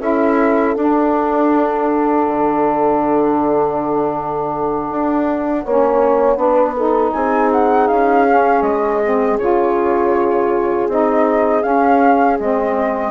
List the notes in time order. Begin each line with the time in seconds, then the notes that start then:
0.00 C#4 E4 A4 E5
0.74 D4 F#5
2.28 D3
4.90 D4
5.64 A#3 C#4 C#5
6.36 B3 D4 B4
6.76 D#4 A4
7.12 C4 G#4 G#5
7.52 F#5
7.87 C#4 F5
8.27 C#4
8.62 G#3 D#5
9.03 C4
9.38 C#3 F4 C#5
10.88 C4 D#4 D#5
11.61 C#4 F5
12.39 G#3 C4 D#5